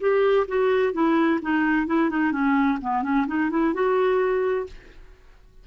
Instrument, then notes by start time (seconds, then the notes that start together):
clarinet
0.00 G4
0.48 F#4
0.93 E4
1.42 D#4
1.87 E4
2.10 D#4
2.32 C#4
2.81 B3
3.03 C#4
3.27 D#4
3.50 E4
3.74 F#4